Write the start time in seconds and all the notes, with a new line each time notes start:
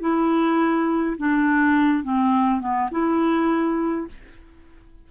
0.00 E4
1.17 D4
2.03 C4
2.60 B3
2.91 E4